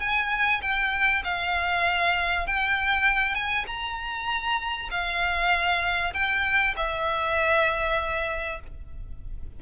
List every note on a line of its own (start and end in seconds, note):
0.00 0.61 G#5
0.62 1.23 G5
1.24 2.47 F5
2.47 3.35 G5
3.35 3.65 G#5
3.67 4.89 A#5
4.91 6.13 F5
6.14 6.75 G5
6.77 8.60 E5